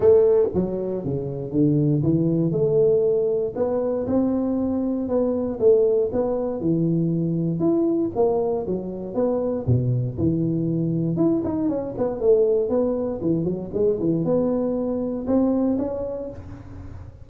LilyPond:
\new Staff \with { instrumentName = "tuba" } { \time 4/4 \tempo 4 = 118 a4 fis4 cis4 d4 | e4 a2 b4 | c'2 b4 a4 | b4 e2 e'4 |
ais4 fis4 b4 b,4 | e2 e'8 dis'8 cis'8 b8 | a4 b4 e8 fis8 gis8 e8 | b2 c'4 cis'4 | }